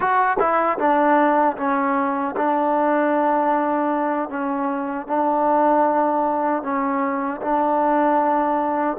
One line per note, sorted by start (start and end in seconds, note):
0.00 0.37 F#4
0.39 0.78 E4
0.78 1.56 D4
1.57 2.35 C#4
2.36 4.29 D4
4.29 5.06 C#4
5.06 6.62 D4
6.62 7.40 C#4
7.41 8.97 D4